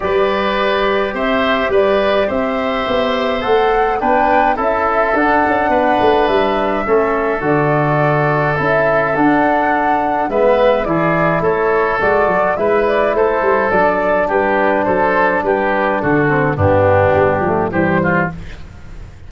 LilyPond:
<<
  \new Staff \with { instrumentName = "flute" } { \time 4/4 \tempo 4 = 105 d''2 e''4 d''4 | e''2 fis''4 g''4 | e''4 fis''2 e''4~ | e''4 d''2 e''4 |
fis''2 e''4 d''4 | cis''4 d''4 e''8 d''8 c''4 | d''4 b'4 c''4 b'4 | a'4 g'2 c''4 | }
  \new Staff \with { instrumentName = "oboe" } { \time 4/4 b'2 c''4 b'4 | c''2. b'4 | a'2 b'2 | a'1~ |
a'2 b'4 gis'4 | a'2 b'4 a'4~ | a'4 g'4 a'4 g'4 | fis'4 d'2 g'8 f'8 | }
  \new Staff \with { instrumentName = "trombone" } { \time 4/4 g'1~ | g'2 a'4 d'4 | e'4 d'2. | cis'4 fis'2 e'4 |
d'2 b4 e'4~ | e'4 fis'4 e'2 | d'1~ | d'8 c'8 b4. a8 g4 | }
  \new Staff \with { instrumentName = "tuba" } { \time 4/4 g2 c'4 g4 | c'4 b4 a4 b4 | cis'4 d'8 cis'8 b8 a8 g4 | a4 d2 cis'4 |
d'2 gis4 e4 | a4 gis8 fis8 gis4 a8 g8 | fis4 g4 fis4 g4 | d4 g,4 g8 f8 e4 | }
>>